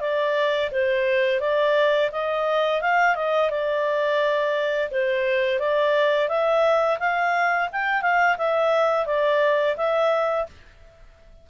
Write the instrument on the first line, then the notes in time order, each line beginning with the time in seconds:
clarinet
0.00 D5
0.71 C5
1.40 D5
2.12 D#5
2.81 F5
3.15 D#5
3.50 D5
4.91 C5
5.59 D5
6.29 E5
6.99 F5
7.72 G5
8.02 F5
8.38 E5
9.06 D5
9.76 E5